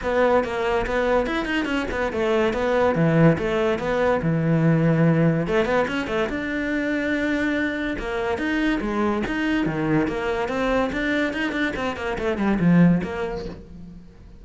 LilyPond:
\new Staff \with { instrumentName = "cello" } { \time 4/4 \tempo 4 = 143 b4 ais4 b4 e'8 dis'8 | cis'8 b8 a4 b4 e4 | a4 b4 e2~ | e4 a8 b8 cis'8 a8 d'4~ |
d'2. ais4 | dis'4 gis4 dis'4 dis4 | ais4 c'4 d'4 dis'8 d'8 | c'8 ais8 a8 g8 f4 ais4 | }